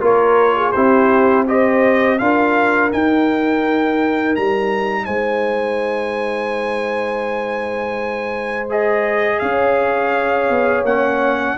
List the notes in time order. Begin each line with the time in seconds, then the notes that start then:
0.00 A#3 F4 A#4 C#5
0.56 G#4
0.71 C4 E4 G4 C5
1.46 G4 C5 D#5
2.18 D4 F4 A#4 F5
2.91 D#4 G5
4.36 G3 A#5
5.05 G#3 C5 G#5
8.70 G#4 D#5
9.39 C#4 C#5 F5
10.50 B3
10.82 A#3 C#4 F#5